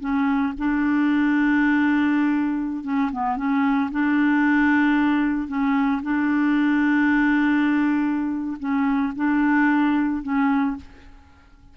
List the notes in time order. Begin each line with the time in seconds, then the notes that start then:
0.00 C#4
0.58 D4
2.84 C#4
3.12 B3
3.37 C#4
3.91 D4
5.48 C#4
6.03 D4
8.59 C#4
9.16 D4
10.23 C#4